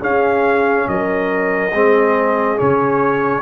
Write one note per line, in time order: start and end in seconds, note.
0.00 1.71 C#4
0.00 0.87 C#4
0.00 0.86 G#4
0.00 0.89 F5
0.88 1.73 F#3
0.88 1.75 A#4
0.88 2.59 D#5
1.73 2.58 G#3
1.73 2.58 C4
1.73 3.42 G#4
2.58 3.42 C#3
2.58 3.42 C#4
2.58 3.42 C#5